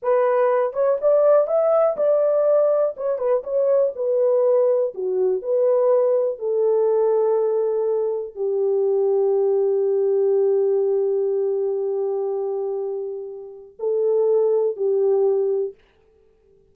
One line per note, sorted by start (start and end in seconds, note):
0.02 0.73 B4
0.73 0.97 C#5
1.01 1.47 D5
1.47 1.96 E5
1.96 2.95 D5
2.96 3.18 C#5
3.18 3.42 B4
3.43 3.92 C#5
3.95 4.94 B4
4.94 5.41 F#4
5.41 6.38 B4
6.38 8.35 A4
8.35 13.76 G4
13.79 14.76 A4
14.76 15.74 G4